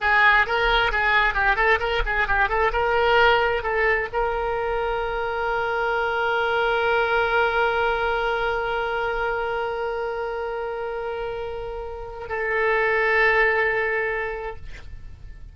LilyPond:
\new Staff \with { instrumentName = "oboe" } { \time 4/4 \tempo 4 = 132 gis'4 ais'4 gis'4 g'8 a'8 | ais'8 gis'8 g'8 a'8 ais'2 | a'4 ais'2.~ | ais'1~ |
ais'1~ | ais'1~ | ais'2. a'4~ | a'1 | }